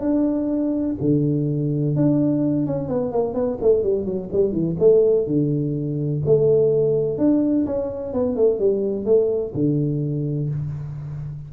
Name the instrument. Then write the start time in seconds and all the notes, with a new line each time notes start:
tuba
0.00 D4
1.00 D3
1.96 D4
2.66 C#4
2.88 B3
3.12 A#3
3.34 B3
3.61 A3
3.83 G3
4.05 F#3
4.32 G3
4.52 E3
4.79 A3
5.26 D3
6.25 A3
7.18 D4
7.66 C#4
8.13 B3
8.35 A3
8.59 G3
9.05 A3
9.54 D3